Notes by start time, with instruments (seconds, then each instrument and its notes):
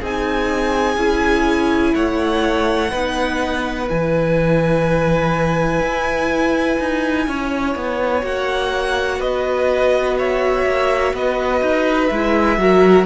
0.00 cello C4, viola D#4, violin G#4 G#5
0.97 cello C#4, viola E4
1.95 cello A3, violin C#5 F#5
2.91 cello B3, viola D#4, violin B4
3.87 cello E3, viola E4, violin G#5
5.81 cello E4
6.80 cello D#4
7.27 cello C#4, violin C#5
7.75 cello B3
8.23 cello A#3, viola F#4, violin F#5
9.19 cello B3, violin B4 D#5
10.18 violin C#5 E5
10.66 cello A#3
11.13 cello B3, violin B4 D#5
11.62 cello D#4
12.07 cello G#3, violin E5
12.14 viola E4
12.58 cello F#3, viola F#4, violin A#4